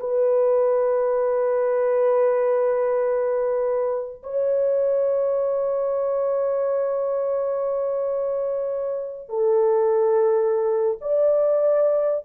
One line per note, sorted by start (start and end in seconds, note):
0.00 4.23 B4
4.23 9.30 C#5
9.30 10.99 A4
11.01 12.25 D5